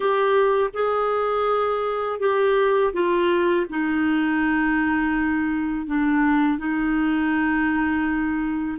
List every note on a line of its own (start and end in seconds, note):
0.00 0.70 G4
0.73 2.20 G#4
2.20 2.93 G4
2.93 3.66 F4
3.70 5.87 D#4
5.87 6.58 D4
6.58 8.78 D#4